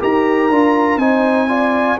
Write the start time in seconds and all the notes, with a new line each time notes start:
0.00 D#4 G4 A#4 A#5
0.50 D4 F4
0.96 C4 D#4 C5 G#5
1.48 F4 D5